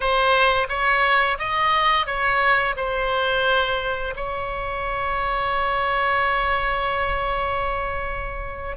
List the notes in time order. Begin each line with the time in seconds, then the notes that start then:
0.00 C5
0.69 C#5
1.38 D#5
2.06 C#5
2.76 C5
4.15 C#5